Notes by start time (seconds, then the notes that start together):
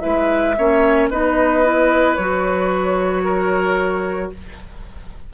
0.00 G#3 E4 B4 E5
0.58 A#3 C#4 C#5
1.10 B3 D#4 B4 D#5
1.64 E4
2.15 F#3 F#4 C#5
3.24 A#4